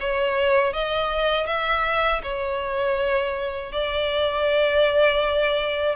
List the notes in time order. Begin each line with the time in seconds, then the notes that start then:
0.00 C#5
0.73 D#5
1.47 E5
2.23 C#5
3.72 D5